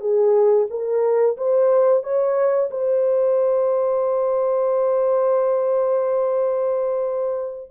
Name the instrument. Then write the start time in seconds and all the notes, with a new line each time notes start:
horn
0.00 G#4
0.70 A#4
1.37 C5
2.03 C#5
2.70 C5